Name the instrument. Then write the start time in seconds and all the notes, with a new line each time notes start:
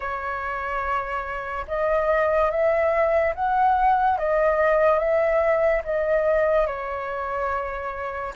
flute
0.00 C#5
1.67 D#5
2.50 E5
3.34 F#5
4.17 D#5
4.98 E5
5.84 D#5
6.67 C#5